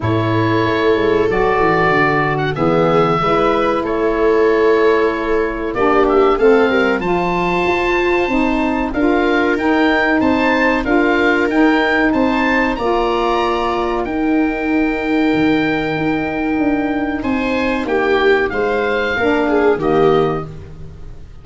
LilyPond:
<<
  \new Staff \with { instrumentName = "oboe" } { \time 4/4 \tempo 4 = 94 cis''2 d''4.~ d''16 fis''16 | e''2 cis''2~ | cis''4 d''8 e''8 f''4 a''4~ | a''2 f''4 g''4 |
a''4 f''4 g''4 a''4 | ais''2 g''2~ | g''2. gis''4 | g''4 f''2 dis''4 | }
  \new Staff \with { instrumentName = "viola" } { \time 4/4 a'1 | gis'4 b'4 a'2~ | a'4 g'4 a'8 ais'8 c''4~ | c''2 ais'2 |
c''4 ais'2 c''4 | d''2 ais'2~ | ais'2. c''4 | g'4 c''4 ais'8 gis'8 g'4 | }
  \new Staff \with { instrumentName = "saxophone" } { \time 4/4 e'2 fis'2 | b4 e'2.~ | e'4 d'4 c'4 f'4~ | f'4 dis'4 f'4 dis'4~ |
dis'4 f'4 dis'2 | f'2 dis'2~ | dis'1~ | dis'2 d'4 ais4 | }
  \new Staff \with { instrumentName = "tuba" } { \time 4/4 a,4 a8 gis8 fis8 e8 d4 | e4 gis4 a2~ | a4 ais4 a8 g8 f4 | f'4 c'4 d'4 dis'4 |
c'4 d'4 dis'4 c'4 | ais2 dis'2 | dis4 dis'4 d'4 c'4 | ais4 gis4 ais4 dis4 | }
>>